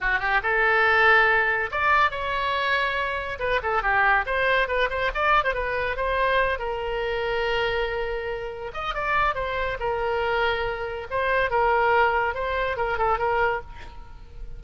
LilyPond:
\new Staff \with { instrumentName = "oboe" } { \time 4/4 \tempo 4 = 141 fis'8 g'8 a'2. | d''4 cis''2. | b'8 a'8 g'4 c''4 b'8 c''8 | d''8. c''16 b'4 c''4. ais'8~ |
ais'1~ | ais'8 dis''8 d''4 c''4 ais'4~ | ais'2 c''4 ais'4~ | ais'4 c''4 ais'8 a'8 ais'4 | }